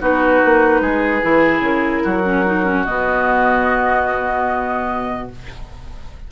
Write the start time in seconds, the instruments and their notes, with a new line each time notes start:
0.00 bassoon B3, clarinet D#4, oboe F#4, flute B4
0.45 bassoon A#3
0.81 bassoon G#3, oboe G#4
1.22 bassoon E3, clarinet E4
1.60 bassoon C#3, flute A#4
2.03 bassoon F#3, oboe F#4
2.24 clarinet C#4
2.46 clarinet D#4
2.64 clarinet C#4
2.84 bassoon B2, clarinet B3, flute D#5